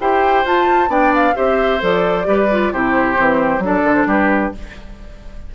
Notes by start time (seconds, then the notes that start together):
0.00 E4 G4 C5 G5
0.45 F4 A5
0.88 B3 D4 D5 G5
1.15 F5
1.34 C4 G4 C5 E5
1.80 F3 A4 D5
2.24 G3 G4 B4
2.52 F4
2.73 C3 E4 G4 C5
3.15 E3 C4
3.59 F#3 D4
3.65 A4 D5
3.85 D3
3.95 C5
4.06 G3 G4 B4